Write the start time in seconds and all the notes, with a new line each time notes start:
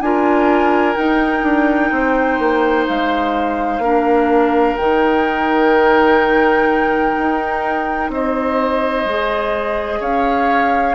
0.00 D4 F4 A#4 G#5
0.95 D#4 G5
1.42 D4
1.91 C4 C5
2.38 A#3
2.87 G#3 F5
3.79 A#3 D4 A#4
4.76 D#3 D#4 G5
7.18 D#4
8.09 C4 C5 D#5
9.05 G#3 G#4
9.99 C#4 C#5 F5